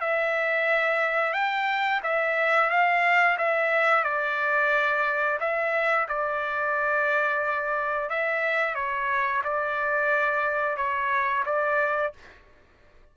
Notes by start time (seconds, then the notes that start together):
0.00 E5
1.33 G5
2.03 E5
2.70 F5
3.38 E5
4.04 D5
5.40 E5
6.08 D5
8.09 E5
8.75 C#5
9.44 D5
10.77 C#5
11.45 D5